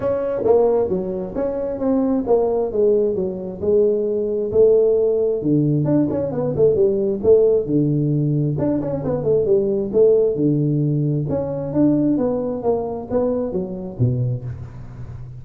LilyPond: \new Staff \with { instrumentName = "tuba" } { \time 4/4 \tempo 4 = 133 cis'4 ais4 fis4 cis'4 | c'4 ais4 gis4 fis4 | gis2 a2 | d4 d'8 cis'8 b8 a8 g4 |
a4 d2 d'8 cis'8 | b8 a8 g4 a4 d4~ | d4 cis'4 d'4 b4 | ais4 b4 fis4 b,4 | }